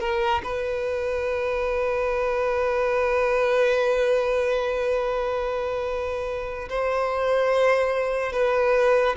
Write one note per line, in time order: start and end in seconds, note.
0.00 0.42 A#4
0.44 6.69 B4
6.69 8.32 C5
8.32 9.16 B4